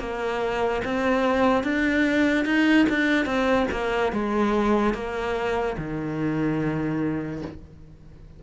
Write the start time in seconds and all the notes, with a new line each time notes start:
0.00 A#3
0.85 C4
1.64 D4
2.45 D#4
2.90 D4
3.26 C4
3.71 A#3
4.12 G#3
4.94 A#3
5.78 D#3